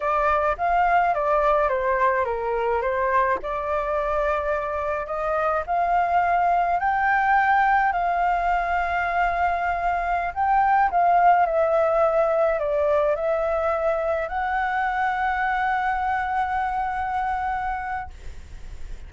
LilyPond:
\new Staff \with { instrumentName = "flute" } { \time 4/4 \tempo 4 = 106 d''4 f''4 d''4 c''4 | ais'4 c''4 d''2~ | d''4 dis''4 f''2 | g''2 f''2~ |
f''2~ f''16 g''4 f''8.~ | f''16 e''2 d''4 e''8.~ | e''4~ e''16 fis''2~ fis''8.~ | fis''1 | }